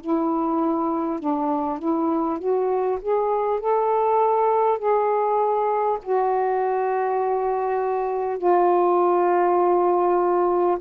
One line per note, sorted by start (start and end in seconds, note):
0.00 1.19 E4
1.19 1.78 D4
1.78 2.38 E4
2.38 2.98 F#4
3.01 3.60 G#4
3.60 4.78 A4
4.78 5.98 G#4
6.02 8.38 F#4
8.38 10.78 F4